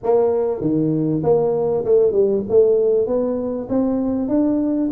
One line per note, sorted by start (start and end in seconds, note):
0.03 0.60 A#3
0.60 1.22 D#3
1.23 1.84 A#3
1.84 2.12 A3
2.12 2.42 G3
2.49 3.06 A3
3.06 3.67 B3
3.69 4.28 C4
4.28 4.90 D4